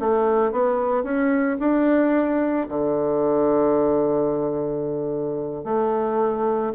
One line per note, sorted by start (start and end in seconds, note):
0.00 0.52 A3
0.52 1.04 B3
1.04 1.58 C#4
1.59 2.68 D4
2.69 5.65 D3
5.65 6.73 A3